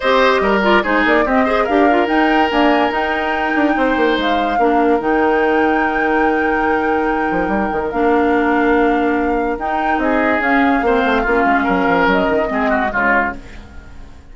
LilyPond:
<<
  \new Staff \with { instrumentName = "flute" } { \time 4/4 \tempo 4 = 144 dis''4. d''8 c''8 d''8 dis''4 | f''4 g''4 gis''4 g''4~ | g''2 f''2 | g''1~ |
g''2. f''4~ | f''2. g''4 | dis''4 f''2.~ | f''4 dis''2 cis''4 | }
  \new Staff \with { instrumentName = "oboe" } { \time 4/4 c''4 ais'4 gis'4 g'8 c''8 | ais'1~ | ais'4 c''2 ais'4~ | ais'1~ |
ais'1~ | ais'1 | gis'2 c''4 f'4 | ais'2 gis'8 fis'8 f'4 | }
  \new Staff \with { instrumentName = "clarinet" } { \time 4/4 g'4. f'8 dis'4 c'8 gis'8 | g'8 f'8 dis'4 ais4 dis'4~ | dis'2. d'4 | dis'1~ |
dis'2. d'4~ | d'2. dis'4~ | dis'4 cis'4 c'4 cis'4~ | cis'2 c'4 gis4 | }
  \new Staff \with { instrumentName = "bassoon" } { \time 4/4 c'4 g4 gis8 ais8 c'4 | d'4 dis'4 d'4 dis'4~ | dis'8 d'8 c'8 ais8 gis4 ais4 | dis1~ |
dis4. f8 g8 dis8 ais4~ | ais2. dis'4 | c'4 cis'4 ais8 a8 ais8 gis8 | fis8 f8 fis8 dis8 gis4 cis4 | }
>>